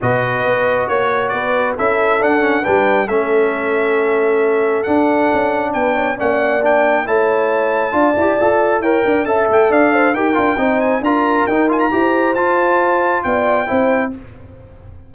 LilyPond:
<<
  \new Staff \with { instrumentName = "trumpet" } { \time 4/4 \tempo 4 = 136 dis''2 cis''4 d''4 | e''4 fis''4 g''4 e''4~ | e''2. fis''4~ | fis''4 g''4 fis''4 g''4 |
a''1 | g''4 a''8 g''8 f''4 g''4~ | g''8 gis''8 ais''4 g''8 gis''16 ais''4~ ais''16 | a''2 g''2 | }
  \new Staff \with { instrumentName = "horn" } { \time 4/4 b'2 cis''4 b'4 | a'2 b'4 a'4~ | a'1~ | a'4 b'8 cis''8 d''2 |
cis''2 d''2 | cis''8 d''8 e''4 d''8 c''8 ais'4 | c''4 ais'2 c''4~ | c''2 d''4 c''4 | }
  \new Staff \with { instrumentName = "trombone" } { \time 4/4 fis'1 | e'4 d'8 cis'8 d'4 cis'4~ | cis'2. d'4~ | d'2 cis'4 d'4 |
e'2 f'8 g'8 a'4 | ais'4 a'2 g'8 f'8 | dis'4 f'4 dis'8 f'8 g'4 | f'2. e'4 | }
  \new Staff \with { instrumentName = "tuba" } { \time 4/4 b,4 b4 ais4 b4 | cis'4 d'4 g4 a4~ | a2. d'4 | cis'4 b4 ais2 |
a2 d'8 e'8 f'4 | e'8 d'8 cis'8 a8 d'4 dis'8 d'8 | c'4 d'4 dis'4 e'4 | f'2 b4 c'4 | }
>>